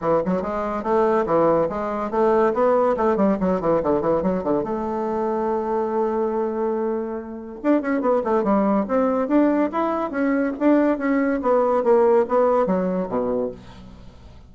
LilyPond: \new Staff \with { instrumentName = "bassoon" } { \time 4/4 \tempo 4 = 142 e8 fis8 gis4 a4 e4 | gis4 a4 b4 a8 g8 | fis8 e8 d8 e8 fis8 d8 a4~ | a1~ |
a2 d'8 cis'8 b8 a8 | g4 c'4 d'4 e'4 | cis'4 d'4 cis'4 b4 | ais4 b4 fis4 b,4 | }